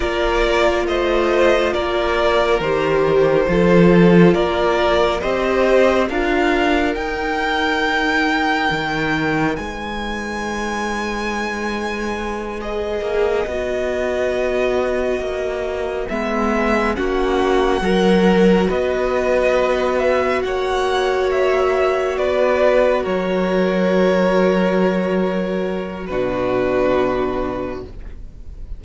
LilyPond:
<<
  \new Staff \with { instrumentName = "violin" } { \time 4/4 \tempo 4 = 69 d''4 dis''4 d''4 c''4~ | c''4 d''4 dis''4 f''4 | g''2. gis''4~ | gis''2~ gis''8 dis''4.~ |
dis''2~ dis''8 e''4 fis''8~ | fis''4. dis''4. e''8 fis''8~ | fis''8 e''4 d''4 cis''4.~ | cis''2 b'2 | }
  \new Staff \with { instrumentName = "violin" } { \time 4/4 ais'4 c''4 ais'2 | a'4 ais'4 c''4 ais'4~ | ais'2. b'4~ | b'1~ |
b'2.~ b'8 fis'8~ | fis'8 ais'4 b'2 cis''8~ | cis''4. b'4 ais'4.~ | ais'2 fis'2 | }
  \new Staff \with { instrumentName = "viola" } { \time 4/4 f'2. g'4 | f'2 g'4 f'4 | dis'1~ | dis'2~ dis'8 gis'4 fis'8~ |
fis'2~ fis'8 b4 cis'8~ | cis'8 fis'2.~ fis'8~ | fis'1~ | fis'2 d'2 | }
  \new Staff \with { instrumentName = "cello" } { \time 4/4 ais4 a4 ais4 dis4 | f4 ais4 c'4 d'4 | dis'2 dis4 gis4~ | gis2. ais8 b8~ |
b4. ais4 gis4 ais8~ | ais8 fis4 b2 ais8~ | ais4. b4 fis4.~ | fis2 b,2 | }
>>